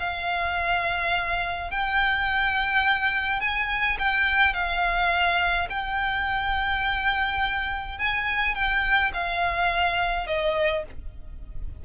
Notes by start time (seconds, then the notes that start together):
0.00 F5
1.71 G5
3.41 G#5
3.99 G5
4.54 F5
5.70 G5
7.99 G#5
8.55 G5
9.14 F5
10.27 D#5